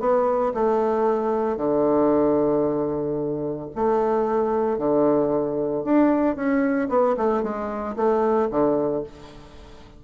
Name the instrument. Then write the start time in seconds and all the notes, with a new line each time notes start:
bassoon
0.00 B3
0.54 A3
1.57 D3
3.76 A3
4.78 D3
5.84 D4
6.36 C#4
6.89 B3
7.17 A3
7.43 G#3
7.96 A3
8.51 D3